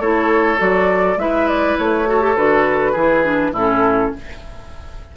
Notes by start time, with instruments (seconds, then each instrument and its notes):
0.00 bassoon A3, clarinet E4, oboe A4, flute C#5
0.58 bassoon F#3, clarinet F#4, flute D5
1.17 bassoon G#3, clarinet E4, oboe B4, flute E5
1.48 flute D5
1.78 bassoon A3, flute C#5
2.07 clarinet F#4, oboe A4
2.21 clarinet G4
2.36 bassoon D3, clarinet F#4, flute B4
2.92 bassoon E3, clarinet E4, oboe G#4
3.24 clarinet D4
3.53 bassoon A2, clarinet C#4, oboe E4, flute A4